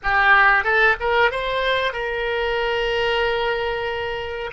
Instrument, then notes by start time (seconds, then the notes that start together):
oboe
0.03 G4
0.63 A4
1.00 A#4
1.31 C5
1.92 A#4